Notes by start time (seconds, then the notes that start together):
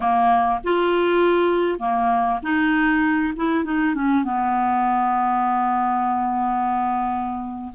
0.00 A#3
0.64 F4
1.79 A#3
2.42 D#4
3.36 E4
3.64 D#4
3.94 C#4
4.24 B3